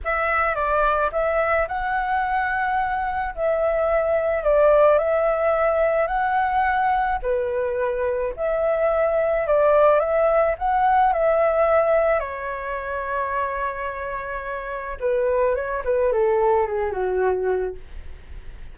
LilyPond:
\new Staff \with { instrumentName = "flute" } { \time 4/4 \tempo 4 = 108 e''4 d''4 e''4 fis''4~ | fis''2 e''2 | d''4 e''2 fis''4~ | fis''4 b'2 e''4~ |
e''4 d''4 e''4 fis''4 | e''2 cis''2~ | cis''2. b'4 | cis''8 b'8 a'4 gis'8 fis'4. | }